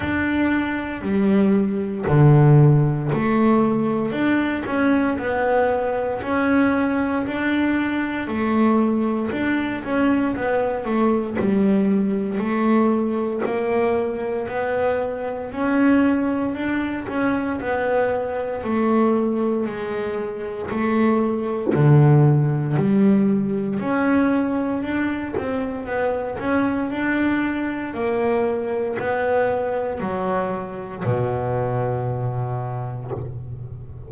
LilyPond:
\new Staff \with { instrumentName = "double bass" } { \time 4/4 \tempo 4 = 58 d'4 g4 d4 a4 | d'8 cis'8 b4 cis'4 d'4 | a4 d'8 cis'8 b8 a8 g4 | a4 ais4 b4 cis'4 |
d'8 cis'8 b4 a4 gis4 | a4 d4 g4 cis'4 | d'8 c'8 b8 cis'8 d'4 ais4 | b4 fis4 b,2 | }